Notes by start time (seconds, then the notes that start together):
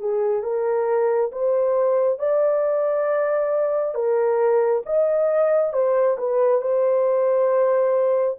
0.00 G#4
0.43 A#4
1.32 C5
2.19 D5
3.95 A#4
4.86 D#5
5.73 C5
6.18 B4
6.61 C5